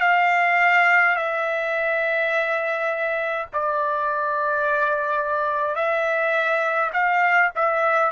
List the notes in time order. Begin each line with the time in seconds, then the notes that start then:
0.00 F5
1.15 E5
3.52 D5
5.75 E5
6.93 F5
7.55 E5